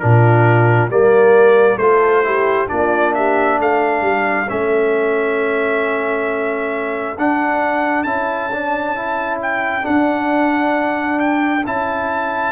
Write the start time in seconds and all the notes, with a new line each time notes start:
0.00 A#2 D4 F4 A#4
0.90 G3 A#3 A#4 D5
1.77 A3 F4 A4 C5
2.24 E4 G4
2.68 A#3 D4 F4 D5
3.15 G4 E5
3.60 A3 A4 F5
4.02 G3
4.49 A3 C#4 E5
7.18 D4 F#5
8.04 C#4 E4 A5
8.53 D4
8.96 E4
9.43 G5
9.82 D4 F#5
11.20 G5
11.66 C#4 E4 A5